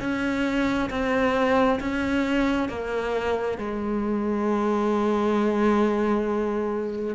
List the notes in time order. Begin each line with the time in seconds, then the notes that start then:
0.00 C#4
0.90 C4
1.80 C#4
2.69 A#3
3.58 G#3